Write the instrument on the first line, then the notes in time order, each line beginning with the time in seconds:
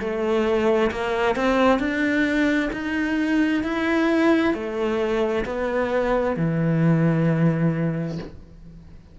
cello
0.00 A3
0.92 A#3
1.36 C4
1.79 D4
2.73 D#4
3.64 E4
4.54 A3
5.45 B3
6.37 E3